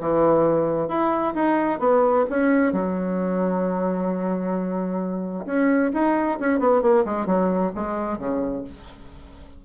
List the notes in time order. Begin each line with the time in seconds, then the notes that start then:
0.00 E3
0.88 E4
1.35 D#4
1.79 B3
2.30 C#4
2.73 F#3
5.46 C#4
5.93 D#4
6.40 C#4
6.59 B3
6.82 A#3
7.05 G#3
7.26 F#3
7.75 G#3
8.18 C#3